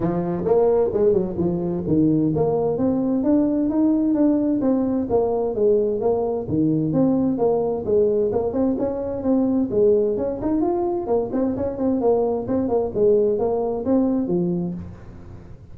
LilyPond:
\new Staff \with { instrumentName = "tuba" } { \time 4/4 \tempo 4 = 130 f4 ais4 gis8 fis8 f4 | dis4 ais4 c'4 d'4 | dis'4 d'4 c'4 ais4 | gis4 ais4 dis4 c'4 |
ais4 gis4 ais8 c'8 cis'4 | c'4 gis4 cis'8 dis'8 f'4 | ais8 c'8 cis'8 c'8 ais4 c'8 ais8 | gis4 ais4 c'4 f4 | }